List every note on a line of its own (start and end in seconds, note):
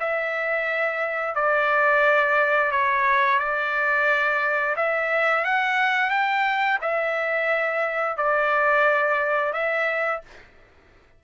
0.00 1.35 E5
1.35 2.71 D5
2.71 3.39 C#5
3.39 4.75 D5
4.76 5.45 E5
5.45 6.10 F#5
6.10 6.78 G5
6.81 8.17 E5
8.17 9.53 D5
9.53 10.21 E5